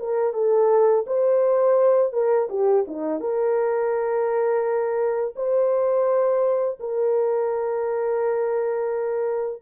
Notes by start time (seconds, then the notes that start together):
0.00 A#4
0.34 A4
1.07 C5
2.13 A#4
2.50 G4
2.88 D#4
3.20 A#4
5.36 C5
6.80 A#4